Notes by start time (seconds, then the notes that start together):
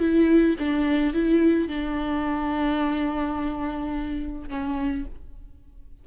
0.00 E4
0.60 D4
1.14 E4
1.69 D4
4.49 C#4